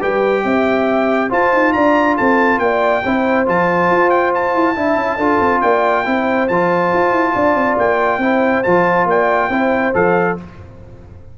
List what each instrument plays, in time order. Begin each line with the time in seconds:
0.00 tuba G3, trombone G4, horn B4, trumpet G5
0.44 tuba C4, horn E5
1.30 trombone F4, tuba F4, horn C5, trumpet A5
1.53 tuba D#4
1.73 tuba D4, horn D5, trumpet A#5
2.17 tuba C4, horn A4, trumpet A5
2.59 tuba A#3, horn D5, trumpet G5
3.04 tuba C4, trombone E4, horn C5
3.46 tuba F3, trombone F4, trumpet A5
3.91 tuba F4
4.10 trumpet G5
4.35 trumpet A5
4.55 tuba E4
4.76 tuba D4, trombone E4, horn E5
4.97 tuba C#4
5.17 tuba D4, trombone F4, horn A4
5.40 tuba C4
5.61 tuba A#3, horn D5, trumpet G5
6.05 tuba C4, trombone E4, horn C5
6.48 tuba F3, trombone F4, trumpet A5
6.94 tuba F4
7.12 tuba E4
7.34 tuba D4, horn D5
7.55 tuba C4
7.78 tuba A#3, trumpet G5
8.18 tuba C4, trombone E4, horn C5
8.64 tuba F3, trombone F4, trumpet A5
9.06 tuba A#3, horn D5, trumpet G5
9.49 tuba C4, trombone E4, horn C5
9.94 tuba F3, trombone A4, trumpet F5